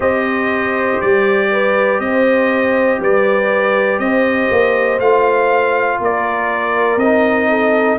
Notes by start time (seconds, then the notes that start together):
0.00 C4 G4 C5 D#5
1.00 G3 D5
1.51 B4
1.99 C4 C5 D#5
3.00 G3 B4 D5
3.99 C4 C5 D#5
4.50 A#3
4.99 A3 F4 F5
5.99 A#3 A#4 D5
6.96 C4 D#4 D#5
7.49 A4